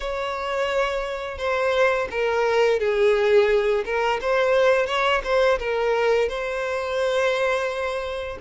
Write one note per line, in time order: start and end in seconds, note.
0.00 1.38 C#5
1.38 2.07 C5
2.11 2.79 A#4
2.79 3.84 G#4
3.85 4.20 A#4
4.21 4.86 C5
4.86 5.21 C#5
5.23 5.58 C5
5.59 6.29 A#4
6.29 8.38 C5